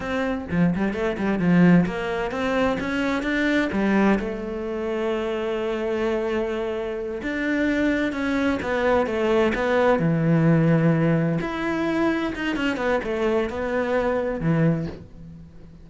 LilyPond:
\new Staff \with { instrumentName = "cello" } { \time 4/4 \tempo 4 = 129 c'4 f8 g8 a8 g8 f4 | ais4 c'4 cis'4 d'4 | g4 a2.~ | a2.~ a8 d'8~ |
d'4. cis'4 b4 a8~ | a8 b4 e2~ e8~ | e8 e'2 dis'8 cis'8 b8 | a4 b2 e4 | }